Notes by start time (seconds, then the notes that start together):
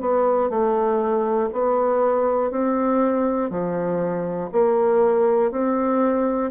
0.00 B3
0.50 A3
1.52 B3
2.51 C4
3.50 F3
4.52 A#3
5.51 C4